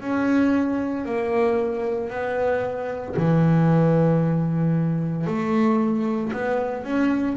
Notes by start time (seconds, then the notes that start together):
0.00 C#4
1.05 A#3
2.10 B3
3.16 E3
5.26 A3
6.33 B3
6.84 C#4